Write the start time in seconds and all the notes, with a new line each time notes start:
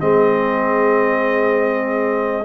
0.00 G#3 C4 G#4 D#5